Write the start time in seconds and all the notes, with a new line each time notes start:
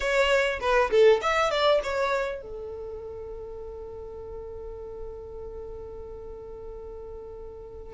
0.00 C#5
0.60 B4
0.90 A4
1.21 E5
1.50 D5
1.83 C#5
2.41 A4